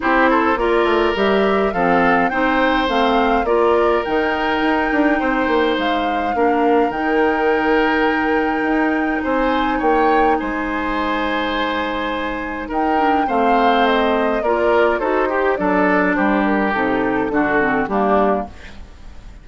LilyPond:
<<
  \new Staff \with { instrumentName = "flute" } { \time 4/4 \tempo 4 = 104 c''4 d''4 e''4 f''4 | g''4 f''4 d''4 g''4~ | g''2 f''2 | g''1 |
gis''4 g''4 gis''2~ | gis''2 g''4 f''4 | dis''4 d''4 c''4 d''4 | c''8 ais'8 a'2 g'4 | }
  \new Staff \with { instrumentName = "oboe" } { \time 4/4 g'8 a'8 ais'2 a'4 | c''2 ais'2~ | ais'4 c''2 ais'4~ | ais'1 |
c''4 cis''4 c''2~ | c''2 ais'4 c''4~ | c''4 ais'4 a'8 g'8 a'4 | g'2 fis'4 d'4 | }
  \new Staff \with { instrumentName = "clarinet" } { \time 4/4 e'4 f'4 g'4 c'4 | dis'4 c'4 f'4 dis'4~ | dis'2. d'4 | dis'1~ |
dis'1~ | dis'2~ dis'8 d'8 c'4~ | c'4 f'4 fis'8 g'8 d'4~ | d'4 dis'4 d'8 c'8 ais4 | }
  \new Staff \with { instrumentName = "bassoon" } { \time 4/4 c'4 ais8 a8 g4 f4 | c'4 a4 ais4 dis4 | dis'8 d'8 c'8 ais8 gis4 ais4 | dis2. dis'4 |
c'4 ais4 gis2~ | gis2 dis'4 a4~ | a4 ais4 dis'4 fis4 | g4 c4 d4 g4 | }
>>